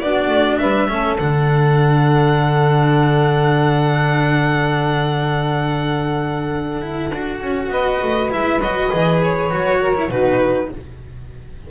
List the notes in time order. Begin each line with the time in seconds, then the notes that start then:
0.00 B3 D4 F#4 D5
0.27 A3
0.58 G3 B4 E5
0.88 A3 C#4 A4
1.19 D3 D4 F#5
6.82 E4
7.11 D4 F#4
7.41 C#4
7.68 B3 B4 D#5
8.03 A3
8.31 G#3 E4 E5
8.60 F#3 F#4 D#5
8.91 E3 G#4
9.23 C#5
9.50 F#3 F#4
9.81 A#4
9.95 E4
10.09 B2 D#4 F#4 B4